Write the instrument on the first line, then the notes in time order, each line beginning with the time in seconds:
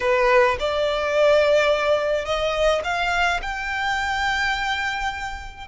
violin
0.00 B4
0.59 D5
2.25 D#5
2.84 F5
3.41 G5